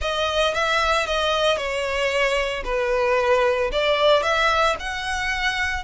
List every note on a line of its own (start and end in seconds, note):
0.01 0.54 D#5
0.54 1.06 E5
1.06 1.57 D#5
1.57 2.63 C#5
2.64 3.70 B4
3.72 4.23 D5
4.23 4.76 E5
4.79 5.84 F#5